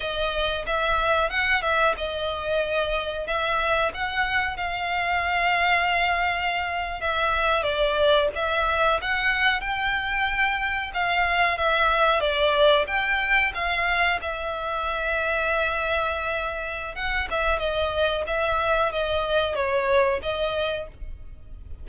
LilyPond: \new Staff \with { instrumentName = "violin" } { \time 4/4 \tempo 4 = 92 dis''4 e''4 fis''8 e''8 dis''4~ | dis''4 e''4 fis''4 f''4~ | f''2~ f''8. e''4 d''16~ | d''8. e''4 fis''4 g''4~ g''16~ |
g''8. f''4 e''4 d''4 g''16~ | g''8. f''4 e''2~ e''16~ | e''2 fis''8 e''8 dis''4 | e''4 dis''4 cis''4 dis''4 | }